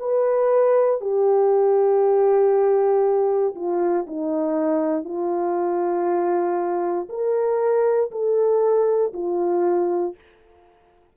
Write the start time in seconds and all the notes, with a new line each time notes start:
0.00 B4
1.01 G4
3.55 F4
4.07 D#4
5.05 F4
7.10 A#4
8.12 A4
9.14 F4